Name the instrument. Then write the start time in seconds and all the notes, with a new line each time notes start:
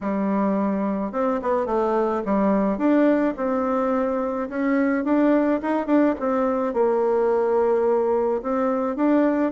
bassoon
0.00 G3
1.12 C4
1.42 B3
1.66 A3
2.25 G3
2.78 D4
3.36 C4
4.49 C#4
5.04 D4
5.62 D#4
5.86 D4
6.19 C4
6.73 A#3
8.42 C4
8.96 D4